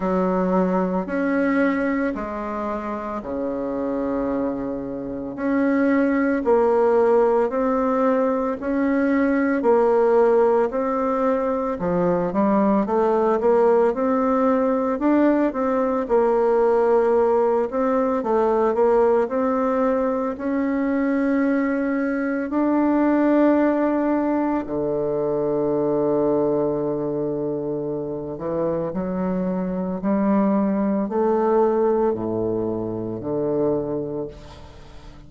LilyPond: \new Staff \with { instrumentName = "bassoon" } { \time 4/4 \tempo 4 = 56 fis4 cis'4 gis4 cis4~ | cis4 cis'4 ais4 c'4 | cis'4 ais4 c'4 f8 g8 | a8 ais8 c'4 d'8 c'8 ais4~ |
ais8 c'8 a8 ais8 c'4 cis'4~ | cis'4 d'2 d4~ | d2~ d8 e8 fis4 | g4 a4 a,4 d4 | }